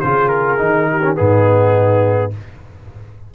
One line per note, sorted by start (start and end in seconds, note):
0.00 0.60 C#3
0.00 0.57 F4
0.00 0.89 G#4
0.00 0.28 C5
0.28 1.15 A#4
0.57 1.18 D#3
0.57 1.01 D#4
0.90 1.16 G4
1.03 1.15 C#4
1.15 2.34 G#2
1.15 2.30 B3
1.15 2.32 D#4
1.15 2.31 G#4